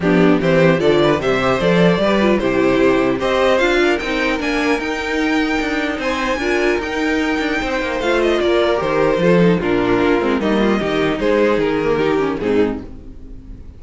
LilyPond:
<<
  \new Staff \with { instrumentName = "violin" } { \time 4/4 \tempo 4 = 150 g'4 c''4 d''4 e''4 | d''2 c''2 | dis''4 f''4 g''4 gis''4 | g''2. gis''4~ |
gis''4 g''2. | f''8 dis''8 d''4 c''2 | ais'2 dis''2 | c''4 ais'2 gis'4 | }
  \new Staff \with { instrumentName = "violin" } { \time 4/4 d'4 g'4 a'8 b'8 c''4~ | c''4 b'4 g'2 | c''4. ais'2~ ais'8~ | ais'2. c''4 |
ais'2. c''4~ | c''4 ais'2 a'4 | f'2 dis'8 f'8 g'4 | gis'2 g'4 dis'4 | }
  \new Staff \with { instrumentName = "viola" } { \time 4/4 b4 c'4 f4 g8 g'8 | a'4 g'8 f'8 e'2 | g'4 f'4 dis'4 d'4 | dis'1 |
f'4 dis'2. | f'2 g'4 f'8 dis'8 | d'4. c'8 ais4 dis'4~ | dis'4. ais8 dis'8 cis'8 c'4 | }
  \new Staff \with { instrumentName = "cello" } { \time 4/4 f4 e4 d4 c4 | f4 g4 c2 | c'4 d'4 c'4 ais4 | dis'2 d'4 c'4 |
d'4 dis'4. d'8 c'8 ais8 | a4 ais4 dis4 f4 | ais,4 ais8 gis8 g4 dis4 | gis4 dis2 gis,4 | }
>>